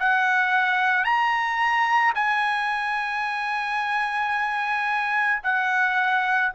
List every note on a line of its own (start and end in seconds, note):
0.00 1.05 F#5
1.05 2.14 A#5
2.16 5.43 G#5
5.44 6.53 F#5